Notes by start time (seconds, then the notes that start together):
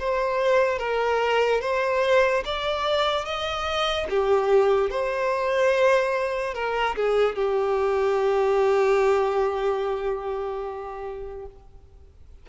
0.00 C5
0.79 A#4
1.62 C5
2.46 D5
3.25 D#5
4.10 G4
4.91 C5
6.55 A#4
6.96 G#4
7.36 G4